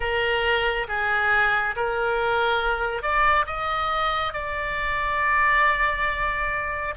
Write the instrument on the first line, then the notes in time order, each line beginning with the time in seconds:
oboe
0.00 A#4
0.88 G#4
1.76 A#4
3.02 D5
3.46 D#5
4.33 D5